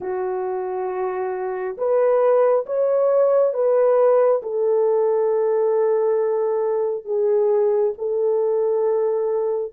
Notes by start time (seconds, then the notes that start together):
0.00 F#4
1.77 B4
2.66 C#5
3.53 B4
4.42 A4
7.05 G#4
7.97 A4